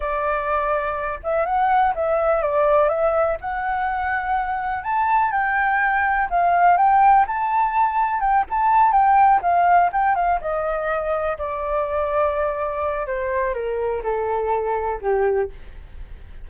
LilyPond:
\new Staff \with { instrumentName = "flute" } { \time 4/4 \tempo 4 = 124 d''2~ d''8 e''8 fis''4 | e''4 d''4 e''4 fis''4~ | fis''2 a''4 g''4~ | g''4 f''4 g''4 a''4~ |
a''4 g''8 a''4 g''4 f''8~ | f''8 g''8 f''8 dis''2 d''8~ | d''2. c''4 | ais'4 a'2 g'4 | }